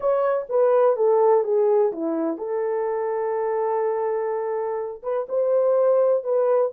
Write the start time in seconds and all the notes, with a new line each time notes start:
0.00 C#5
0.49 B4
0.96 A4
1.44 G#4
1.92 E4
2.37 A4
5.02 B4
5.28 C5
6.23 B4